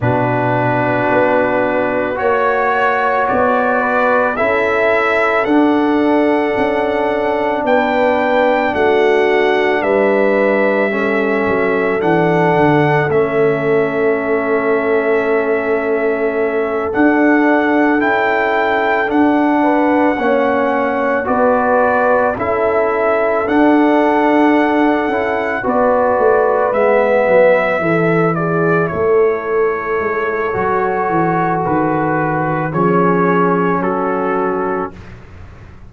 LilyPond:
<<
  \new Staff \with { instrumentName = "trumpet" } { \time 4/4 \tempo 4 = 55 b'2 cis''4 d''4 | e''4 fis''2 g''4 | fis''4 e''2 fis''4 | e''2.~ e''8 fis''8~ |
fis''8 g''4 fis''2 d''8~ | d''8 e''4 fis''2 d''8~ | d''8 e''4. d''8 cis''4.~ | cis''4 b'4 cis''4 a'4 | }
  \new Staff \with { instrumentName = "horn" } { \time 4/4 fis'2 cis''4. b'8 | a'2. b'4 | fis'4 b'4 a'2~ | a'1~ |
a'2 b'8 cis''4 b'8~ | b'8 a'2. b'8~ | b'4. a'8 gis'8 a'4.~ | a'2 gis'4 fis'4 | }
  \new Staff \with { instrumentName = "trombone" } { \time 4/4 d'2 fis'2 | e'4 d'2.~ | d'2 cis'4 d'4 | cis'2.~ cis'8 d'8~ |
d'8 e'4 d'4 cis'4 fis'8~ | fis'8 e'4 d'4. e'8 fis'8~ | fis'8 b4 e'2~ e'8 | fis'2 cis'2 | }
  \new Staff \with { instrumentName = "tuba" } { \time 4/4 b,4 b4 ais4 b4 | cis'4 d'4 cis'4 b4 | a4 g4. fis8 e8 d8 | a2.~ a8 d'8~ |
d'8 cis'4 d'4 ais4 b8~ | b8 cis'4 d'4. cis'8 b8 | a8 gis8 fis8 e4 a4 gis8 | fis8 e8 dis4 f4 fis4 | }
>>